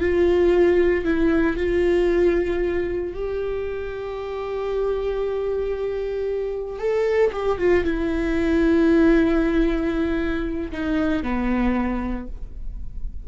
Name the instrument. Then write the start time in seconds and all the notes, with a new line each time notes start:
viola
0.00 F4
1.04 E4
1.57 F4
3.14 G4
6.79 A4
7.32 G4
7.58 F4
7.84 E4
10.72 D#4
11.23 B3